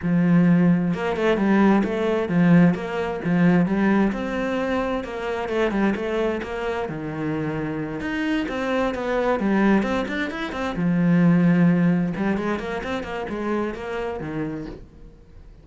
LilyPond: \new Staff \with { instrumentName = "cello" } { \time 4/4 \tempo 4 = 131 f2 ais8 a8 g4 | a4 f4 ais4 f4 | g4 c'2 ais4 | a8 g8 a4 ais4 dis4~ |
dis4. dis'4 c'4 b8~ | b8 g4 c'8 d'8 e'8 c'8 f8~ | f2~ f8 g8 gis8 ais8 | c'8 ais8 gis4 ais4 dis4 | }